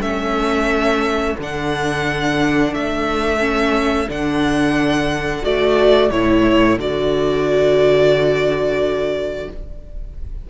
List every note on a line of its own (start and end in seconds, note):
0.00 1.35 A3
0.00 1.37 C#4
0.00 9.45 A4
0.00 1.37 E5
1.39 2.74 D3
1.39 3.39 D4
1.39 2.74 F#5
2.74 4.08 A3
2.74 4.09 E5
3.39 4.07 C#4
4.08 5.44 D3
4.08 5.42 D4
4.08 5.44 F#5
5.42 6.11 A3
5.42 6.10 F#4
5.42 6.11 D5
6.11 6.78 A2
6.11 6.80 E4
6.11 6.78 C#5
6.78 9.47 D3
6.78 9.49 F#4
6.78 9.50 D5